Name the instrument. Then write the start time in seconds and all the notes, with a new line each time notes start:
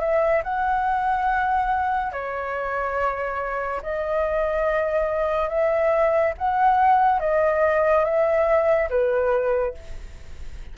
flute
0.00 E5
0.43 F#5
2.12 C#5
3.83 D#5
5.49 E5
6.38 F#5
7.20 D#5
8.05 E5
8.90 B4